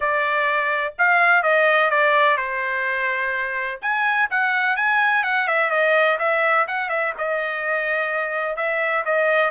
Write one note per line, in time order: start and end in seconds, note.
0.00 0.94 D5
0.98 1.42 F5
1.42 1.90 D#5
1.90 2.37 D5
2.37 3.79 C5
3.81 4.29 G#5
4.30 4.76 F#5
4.76 5.23 G#5
5.23 5.47 F#5
5.47 5.70 E5
5.70 6.18 D#5
6.18 6.66 E5
6.67 6.89 F#5
6.89 7.13 E5
7.18 8.56 D#5
8.56 9.03 E5
9.05 9.50 D#5